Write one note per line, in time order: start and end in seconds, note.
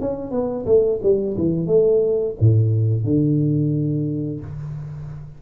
0.00 0.31 C#4
0.31 0.65 B3
0.66 1.00 A3
1.03 1.37 G3
1.37 1.67 E3
1.67 2.35 A3
2.40 3.04 A2
3.04 4.41 D3